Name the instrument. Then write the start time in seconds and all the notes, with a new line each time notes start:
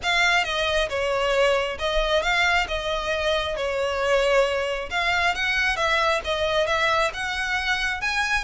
violin
0.02 F5
0.44 D#5
0.89 C#5
1.79 D#5
2.22 F5
2.67 D#5
3.56 C#5
4.90 F5
5.34 F#5
5.76 E5
6.24 D#5
6.66 E5
7.13 F#5
8.01 G#5